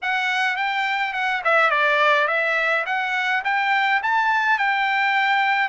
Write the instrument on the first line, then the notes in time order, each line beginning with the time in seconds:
trumpet
0.02 F#5
0.56 G5
1.13 F#5
1.44 E5
1.70 D5
2.27 E5
2.86 F#5
3.44 G5
4.02 A5
4.58 G5